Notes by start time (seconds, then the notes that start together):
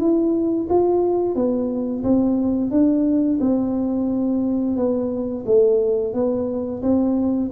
0.00 E4
0.70 F4
1.35 B3
2.04 C4
2.71 D4
3.41 C4
4.77 B3
5.46 A3
6.14 B3
6.83 C4